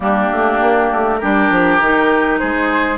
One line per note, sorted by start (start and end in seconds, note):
0.00 0.28 G3
0.00 1.20 A#3
0.00 1.20 D4
0.00 1.17 G4
0.31 0.61 A3
0.61 0.91 A#3
0.92 1.22 A3
1.17 1.50 G3
1.17 1.81 D4
1.17 2.39 G4
1.17 2.37 A#4
1.50 1.80 F3
1.80 2.40 D#3
1.80 2.97 D#4
2.38 2.97 G#3
2.38 2.97 G#4
2.38 2.97 C5